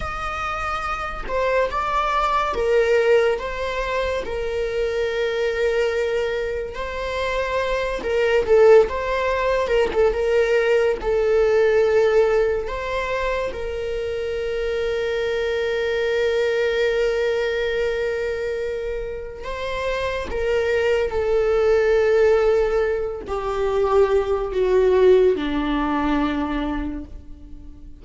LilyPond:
\new Staff \with { instrumentName = "viola" } { \time 4/4 \tempo 4 = 71 dis''4. c''8 d''4 ais'4 | c''4 ais'2. | c''4. ais'8 a'8 c''4 ais'16 a'16 | ais'4 a'2 c''4 |
ais'1~ | ais'2. c''4 | ais'4 a'2~ a'8 g'8~ | g'4 fis'4 d'2 | }